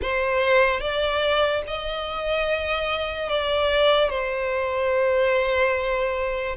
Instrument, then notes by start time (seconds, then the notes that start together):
violin
0.01 C5
0.80 D5
1.67 D#5
3.29 D5
4.09 C5